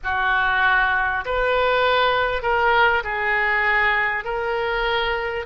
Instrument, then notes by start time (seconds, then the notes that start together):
oboe
0.03 F#4
1.25 B4
2.42 A#4
3.03 G#4
4.24 A#4